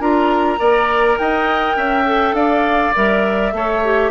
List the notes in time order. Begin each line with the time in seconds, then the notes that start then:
0.00 D4 F4 A#4 A#5
0.59 A#3 A#4 D5
1.19 D#4 D#5 G5
1.77 C#4 E5
2.06 A4
2.33 D4 D5 F5
2.95 G3 A#4 E5
3.53 A3 A4 C#5
3.84 G4